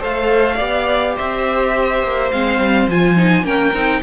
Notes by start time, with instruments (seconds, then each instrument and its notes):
0.00 cello A3, viola A4, violin C5 F5
0.56 cello B3, viola G4, violin D5
1.16 cello C4, violin C5 E5
2.03 cello A#3
2.32 cello G#3, viola C4, violin F5
2.59 cello G3
2.88 cello F3, viola F4, violin G#5
3.17 viola D#4
3.44 cello A#3, viola C#4, violin A#4 G5
3.73 cello C4, viola D#4